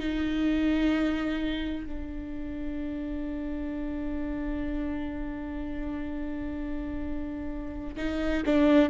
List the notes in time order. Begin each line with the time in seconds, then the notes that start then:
0.00 D#4
1.87 D4
7.96 D#4
8.46 D4